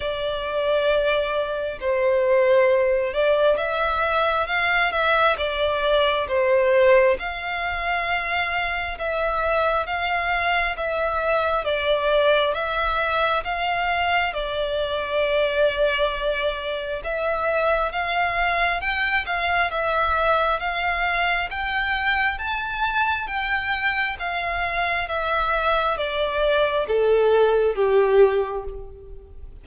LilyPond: \new Staff \with { instrumentName = "violin" } { \time 4/4 \tempo 4 = 67 d''2 c''4. d''8 | e''4 f''8 e''8 d''4 c''4 | f''2 e''4 f''4 | e''4 d''4 e''4 f''4 |
d''2. e''4 | f''4 g''8 f''8 e''4 f''4 | g''4 a''4 g''4 f''4 | e''4 d''4 a'4 g'4 | }